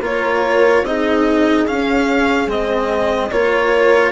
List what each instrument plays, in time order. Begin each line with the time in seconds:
0.00 bassoon A#3, cello F4, horn A#4, violin C#5
0.82 bassoon C4, cello D#4, horn G#4, violin D#5
1.67 cello C#4, bassoon C#4, violin F5
2.47 bassoon G#3, cello C4, violin D#5
3.31 bassoon A#3, cello F4, horn A#4, violin C#5